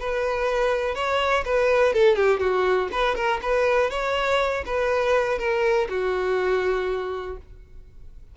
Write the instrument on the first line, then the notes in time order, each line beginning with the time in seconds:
violin
0.00 B4
0.95 C#5
1.45 B4
1.94 A4
2.16 G4
2.40 F#4
2.92 B4
3.16 A#4
3.42 B4
3.91 C#5
4.66 B4
5.39 A#4
5.89 F#4